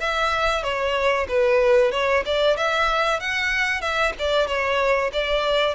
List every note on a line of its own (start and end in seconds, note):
0.00 0.63 E5
0.63 1.27 C#5
1.28 1.92 B4
1.92 2.24 C#5
2.25 2.57 D5
2.57 3.20 E5
3.20 3.81 F#5
3.81 4.13 E5
4.19 4.47 D5
4.47 5.11 C#5
5.13 5.75 D5